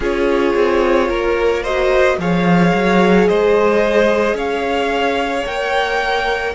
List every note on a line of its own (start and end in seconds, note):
0.00 0.55 C#4
0.00 1.64 F4
0.00 1.08 G#4
0.00 1.63 C#5
0.55 1.09 C4
1.08 2.18 A#3
1.08 1.62 A#4
1.62 2.20 F#4
1.62 2.17 C5
1.62 2.18 D#5
2.18 2.72 F3
2.18 5.45 G#4
2.18 3.28 C#5
2.18 3.27 F5
2.73 3.28 F#3
3.27 4.33 G#3
3.27 4.35 C5
3.27 4.37 D#5
4.33 5.42 C#4
4.33 6.53 C#5
4.33 5.46 F5
5.45 6.54 A#3
5.45 6.54 A#4
5.45 6.54 G5